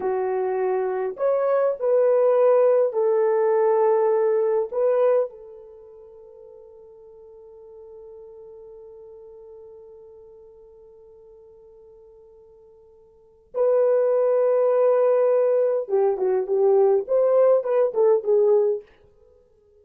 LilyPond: \new Staff \with { instrumentName = "horn" } { \time 4/4 \tempo 4 = 102 fis'2 cis''4 b'4~ | b'4 a'2. | b'4 a'2.~ | a'1~ |
a'1~ | a'2. b'4~ | b'2. g'8 fis'8 | g'4 c''4 b'8 a'8 gis'4 | }